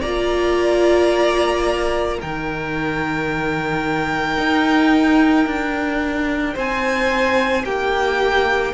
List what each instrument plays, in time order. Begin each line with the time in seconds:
0.00 cello A#3, viola F4, violin D5 A#5
2.19 cello D#3, viola D#4, violin A#4 G5
4.37 cello D#4
5.46 cello D4
6.54 cello C4, violin C5 G#5
7.64 cello A#3, violin G4 G5